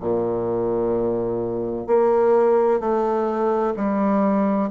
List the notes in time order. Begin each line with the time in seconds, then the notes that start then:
0.00 A#2
1.87 A#3
2.80 A3
3.76 G3